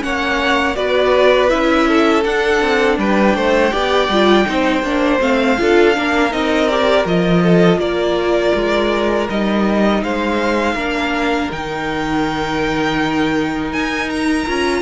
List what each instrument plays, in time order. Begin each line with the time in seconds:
0.00 cello A#3, viola C#4, violin C#5 F#5
0.75 cello B3, viola F#4, violin B4 D5
1.49 cello C#4, viola E4, violin E5
1.88 violin A4
2.24 cello D4, viola D4, violin F#5
2.61 cello C4
2.98 cello G3, violin B4 G5
3.35 cello A3, violin C5
3.71 cello B3, viola G4, violin D5
4.08 cello G3, viola F4
4.45 cello C4, viola D#4, violin C5
4.82 cello A#3, viola D4
5.19 cello A3, viola C4, violin F5
5.57 cello D4, viola F4, violin A4
5.95 cello A#3, viola D4, violin A#4
6.31 cello C4, viola D#4, violin D#5
6.69 viola G4, violin D5
7.05 cello F3, viola F4, violin D#5
7.42 violin A4
7.78 cello A#3, violin A#4 D5
8.54 cello G#3
9.30 cello G3, viola D#4, violin D#5
10.02 cello G#3, violin C5 F5
10.74 cello A#3, viola D4, violin A#4
11.51 cello D#3, viola D#4, violin G5
13.73 cello D#4, violin G#5
14.10 violin A#5
14.47 cello C#4, viola F4